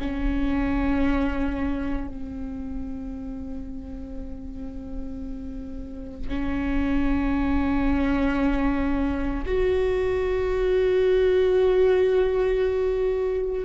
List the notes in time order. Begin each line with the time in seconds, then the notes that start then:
0.00 C#4
2.08 C4
6.29 C#4
9.45 F#4